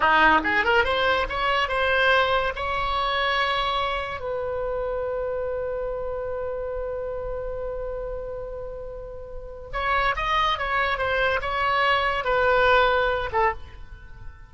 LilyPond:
\new Staff \with { instrumentName = "oboe" } { \time 4/4 \tempo 4 = 142 dis'4 gis'8 ais'8 c''4 cis''4 | c''2 cis''2~ | cis''2 b'2~ | b'1~ |
b'1~ | b'2. cis''4 | dis''4 cis''4 c''4 cis''4~ | cis''4 b'2~ b'8 a'8 | }